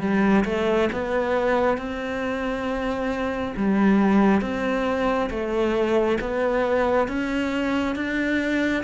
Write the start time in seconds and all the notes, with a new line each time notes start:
0.00 G3
0.45 A3
0.93 B3
1.78 C4
3.57 G3
4.41 C4
5.30 A3
6.21 B3
7.08 C#4
7.96 D4